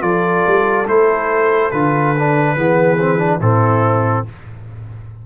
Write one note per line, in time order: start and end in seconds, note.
0.00 0.44 F3
0.00 0.85 F4
0.00 2.55 A4
0.00 0.86 D5
0.47 0.87 G3
0.87 1.71 A3
0.87 1.71 E4
0.87 1.71 C5
1.71 2.56 D3
1.71 2.15 F4
1.71 3.40 B4
2.18 2.56 D4
2.56 3.40 E3
2.56 2.98 B3
2.56 3.39 G#4
2.99 3.18 C4
3.18 3.39 D4
3.39 4.25 A2
3.39 4.26 C4
3.39 4.23 E4
3.39 4.25 A4